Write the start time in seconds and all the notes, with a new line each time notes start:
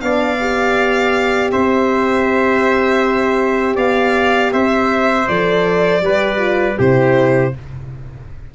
0.00 B3 D4 D5 F5
0.40 G4
1.51 C4 C5 E5
3.75 B3 D5 F5
4.52 C4 C5 E5
5.28 F3 A4 D5
6.01 G3 G4 B4
6.37 F4
6.78 C3 E4 G4 C5